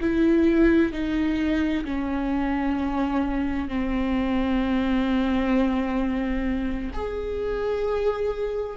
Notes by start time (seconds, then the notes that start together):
0.00 E4
0.92 D#4
1.85 C#4
3.68 C4
6.93 G#4